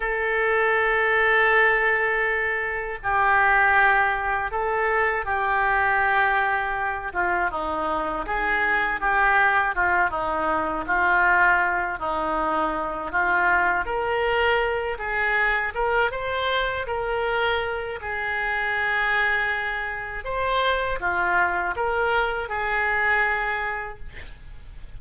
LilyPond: \new Staff \with { instrumentName = "oboe" } { \time 4/4 \tempo 4 = 80 a'1 | g'2 a'4 g'4~ | g'4. f'8 dis'4 gis'4 | g'4 f'8 dis'4 f'4. |
dis'4. f'4 ais'4. | gis'4 ais'8 c''4 ais'4. | gis'2. c''4 | f'4 ais'4 gis'2 | }